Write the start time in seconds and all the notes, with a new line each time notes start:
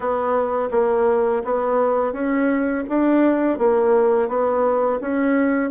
0.00 B3
0.71 A#3
1.44 B3
2.12 C#4
2.88 D4
3.58 A#3
4.28 B3
5.00 C#4